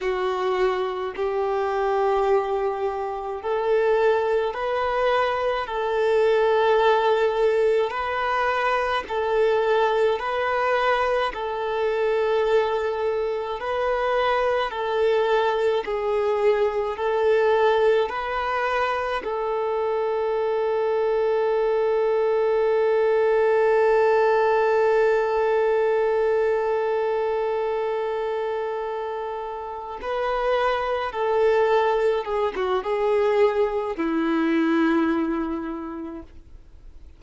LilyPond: \new Staff \with { instrumentName = "violin" } { \time 4/4 \tempo 4 = 53 fis'4 g'2 a'4 | b'4 a'2 b'4 | a'4 b'4 a'2 | b'4 a'4 gis'4 a'4 |
b'4 a'2.~ | a'1~ | a'2~ a'8 b'4 a'8~ | a'8 gis'16 fis'16 gis'4 e'2 | }